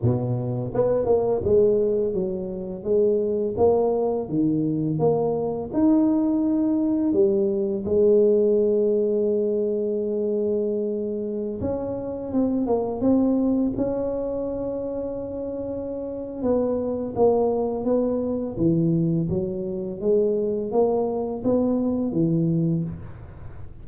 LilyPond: \new Staff \with { instrumentName = "tuba" } { \time 4/4 \tempo 4 = 84 b,4 b8 ais8 gis4 fis4 | gis4 ais4 dis4 ais4 | dis'2 g4 gis4~ | gis1~ |
gis16 cis'4 c'8 ais8 c'4 cis'8.~ | cis'2. b4 | ais4 b4 e4 fis4 | gis4 ais4 b4 e4 | }